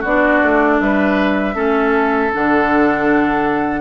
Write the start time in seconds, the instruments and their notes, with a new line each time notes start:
0.00 bassoon B3, oboe F#4, flute D5
0.06 clarinet D4
0.42 bassoon A3
0.80 bassoon G3, oboe B4, flute E5
1.54 bassoon A3, clarinet C#4, oboe A4
2.33 bassoon D3, clarinet D4, flute F#5